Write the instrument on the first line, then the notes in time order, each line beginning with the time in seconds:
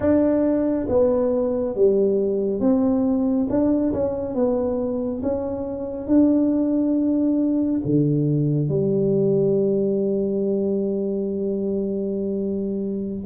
tuba
0.00 D4
0.88 B3
1.75 G3
2.60 C4
3.49 D4
3.93 C#4
4.34 B3
5.22 C#4
6.07 D4
7.85 D3
8.68 G3